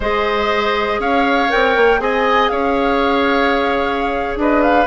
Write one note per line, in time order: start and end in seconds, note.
0.00 0.99 G#3
0.00 1.49 G#4
0.00 1.00 C5
0.00 1.00 D#5
0.99 1.49 C#4
0.99 2.00 C#5
0.99 1.50 F5
1.49 1.76 C4
1.49 1.99 A#4
1.49 2.00 G5
1.76 2.00 A#3
1.99 2.50 C4
1.99 4.86 G#4
1.99 2.51 D#5
1.99 2.48 G#5
2.48 4.36 C#4
2.48 4.38 C#5
2.48 4.36 F5
4.36 4.86 D4
4.36 4.87 B4
4.36 4.61 D#5
4.61 4.86 F5